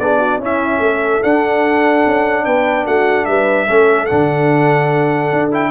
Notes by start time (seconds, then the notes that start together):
0.00 B3 D4 G#4 D5
0.20 F#4
0.38 C#4 E4
0.45 E5
0.80 A3 A4
1.23 D4 F#5
2.07 C#4
2.45 B3 B4 G5
2.86 A3 F#4 F#5
3.25 G3 B4 E5
3.67 A3 C#4 A4
4.06 D3 D4 F#5
5.33 D4
5.52 E4 G5